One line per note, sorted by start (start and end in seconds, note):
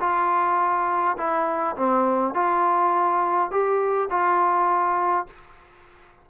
0.00 1.17 F4
1.18 1.76 E4
1.76 2.34 C4
2.34 3.51 F4
3.51 4.09 G4
4.10 5.27 F4